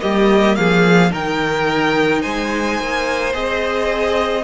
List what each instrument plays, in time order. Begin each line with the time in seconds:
0.00 cello G3, viola A#3, violin G4 D#5
0.56 cello F3, violin G#4 F5
1.10 cello D#3, viola D#4, violin A#4 G5
2.22 cello G#3, violin C5 G#5
2.80 cello A#3
3.34 cello C4, viola G#4, violin D#5